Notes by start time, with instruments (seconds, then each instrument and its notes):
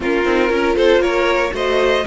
0.00 cello A#3, viola C#4, violin F4 A#4
0.25 cello C4, viola D#4
0.48 cello C#4, viola F4, violin A#4
0.75 cello C4, violin A4 C5
0.99 cello A#3, violin A#4 C#5
1.51 cello A3, viola F#4, violin C5 D#5